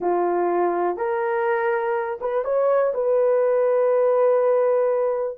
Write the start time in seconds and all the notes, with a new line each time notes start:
0.00 F4
0.96 A#4
2.20 B4
2.44 C#5
2.94 B4